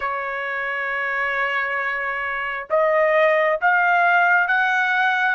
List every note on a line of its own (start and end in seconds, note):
0.00 2.67 C#5
2.69 3.59 D#5
3.61 4.47 F5
4.47 5.35 F#5